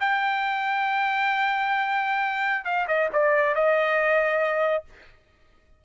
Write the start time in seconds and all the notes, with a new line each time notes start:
0.00 G5
2.65 F5
2.88 D#5
3.13 D5
3.55 D#5